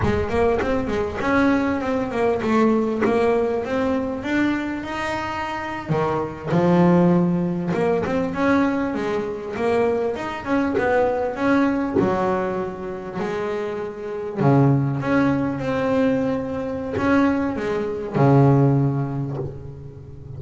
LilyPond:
\new Staff \with { instrumentName = "double bass" } { \time 4/4 \tempo 4 = 99 gis8 ais8 c'8 gis8 cis'4 c'8 ais8 | a4 ais4 c'4 d'4 | dis'4.~ dis'16 dis4 f4~ f16~ | f8. ais8 c'8 cis'4 gis4 ais16~ |
ais8. dis'8 cis'8 b4 cis'4 fis16~ | fis4.~ fis16 gis2 cis16~ | cis8. cis'4 c'2~ c'16 | cis'4 gis4 cis2 | }